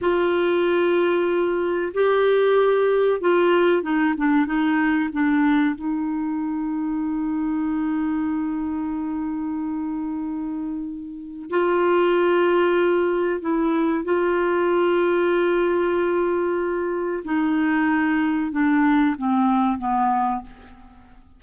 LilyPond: \new Staff \with { instrumentName = "clarinet" } { \time 4/4 \tempo 4 = 94 f'2. g'4~ | g'4 f'4 dis'8 d'8 dis'4 | d'4 dis'2.~ | dis'1~ |
dis'2 f'2~ | f'4 e'4 f'2~ | f'2. dis'4~ | dis'4 d'4 c'4 b4 | }